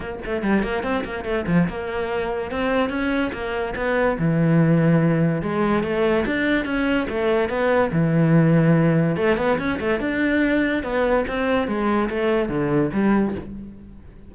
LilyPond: \new Staff \with { instrumentName = "cello" } { \time 4/4 \tempo 4 = 144 ais8 a8 g8 ais8 c'8 ais8 a8 f8 | ais2 c'4 cis'4 | ais4 b4 e2~ | e4 gis4 a4 d'4 |
cis'4 a4 b4 e4~ | e2 a8 b8 cis'8 a8 | d'2 b4 c'4 | gis4 a4 d4 g4 | }